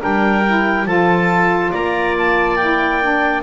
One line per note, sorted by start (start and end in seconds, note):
0.00 0.86 G3
0.00 0.43 D4
0.00 0.87 A#4
0.00 0.87 G5
0.46 0.86 E4
0.86 1.71 F3
0.86 2.57 F4
0.86 1.72 A4
0.86 1.72 A5
1.72 3.43 A#3
1.72 3.43 D5
1.72 2.16 A#5
2.18 2.56 A5
2.56 3.02 E4
2.56 3.42 G5
3.02 3.43 D4